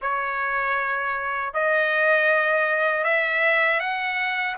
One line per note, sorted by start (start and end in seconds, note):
0.01 1.53 C#5
1.53 3.04 D#5
3.04 3.79 E5
3.79 4.55 F#5